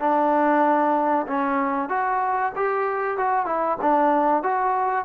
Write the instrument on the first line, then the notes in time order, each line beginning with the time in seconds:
trombone
0.00 D4
1.27 C#4
1.89 F#4
2.56 G4
3.17 F#4
3.46 E4
3.81 D4
4.43 F#4